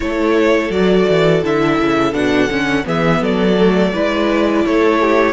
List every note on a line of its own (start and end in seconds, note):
0.00 0.69 A3
0.00 0.71 E4
0.00 2.85 A4
0.00 0.71 C#5
0.69 1.05 F#3
0.69 1.42 F#4
0.69 1.43 D5
1.09 1.43 E3
1.42 1.79 D3
1.42 2.13 E4
1.42 2.13 E5
1.79 2.13 C#3
2.13 2.49 B2
2.13 2.48 D4
2.13 2.85 F#5
2.49 2.85 D3
2.49 2.84 C#4
2.84 3.21 E3
2.84 3.55 B3
2.84 3.21 G#4
2.84 3.23 E5
3.21 3.92 F#3
3.21 3.92 A4
3.21 4.65 D5
3.58 3.93 A3
3.93 4.65 G#3
3.93 5.32 E4
3.93 4.64 B4
4.65 5.32 A3
4.65 5.01 A4
4.65 5.32 C#5
5.01 5.32 G4